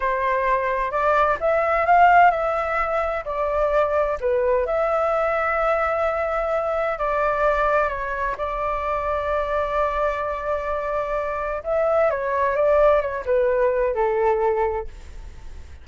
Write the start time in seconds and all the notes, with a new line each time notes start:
0.00 C5
0.91 D5
1.40 E5
1.86 F5
2.30 E5
3.24 D5
4.20 B4
4.66 E5
6.98 D5
7.89 C#5
8.37 D5
11.63 E5
12.10 C#5
12.55 D5
13.01 C#5
13.25 B4
13.94 A4